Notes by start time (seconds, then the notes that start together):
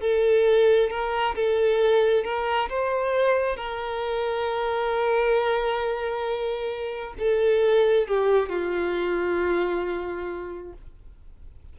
0.00 A4
0.90 A#4
1.35 A4
2.24 A#4
2.69 C5
3.56 A#4
7.18 A4
8.08 G4
8.49 F4